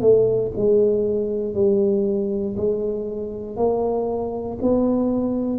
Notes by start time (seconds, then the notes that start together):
0.00 A3
0.56 G#3
1.54 G3
2.56 G#3
3.56 A#3
4.61 B3